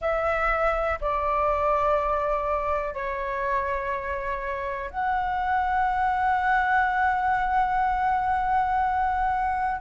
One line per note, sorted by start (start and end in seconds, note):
0.00 0.99 E5
1.00 2.94 D5
2.94 4.90 C#5
4.90 9.80 F#5